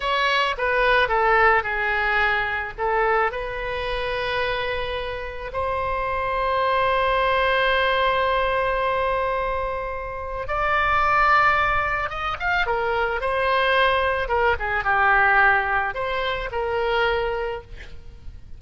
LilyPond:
\new Staff \with { instrumentName = "oboe" } { \time 4/4 \tempo 4 = 109 cis''4 b'4 a'4 gis'4~ | gis'4 a'4 b'2~ | b'2 c''2~ | c''1~ |
c''2. d''4~ | d''2 dis''8 f''8 ais'4 | c''2 ais'8 gis'8 g'4~ | g'4 c''4 ais'2 | }